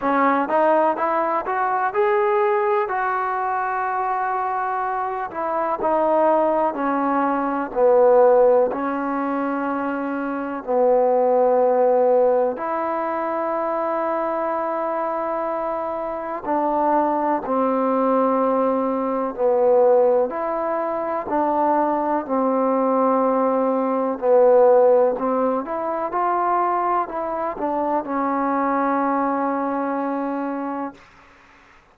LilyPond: \new Staff \with { instrumentName = "trombone" } { \time 4/4 \tempo 4 = 62 cis'8 dis'8 e'8 fis'8 gis'4 fis'4~ | fis'4. e'8 dis'4 cis'4 | b4 cis'2 b4~ | b4 e'2.~ |
e'4 d'4 c'2 | b4 e'4 d'4 c'4~ | c'4 b4 c'8 e'8 f'4 | e'8 d'8 cis'2. | }